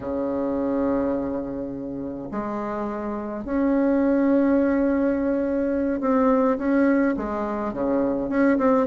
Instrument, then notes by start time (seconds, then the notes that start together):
bassoon
0.00 C#3
2.31 G#3
3.44 C#4
6.00 C4
6.58 C#4
7.16 G#3
7.73 C#3
8.29 C#4
8.58 C4